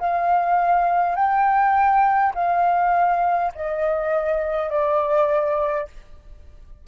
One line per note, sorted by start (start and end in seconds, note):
0.00 1.16 F5
1.16 2.34 G5
2.35 3.53 F5
3.56 4.70 D#5
4.70 5.88 D5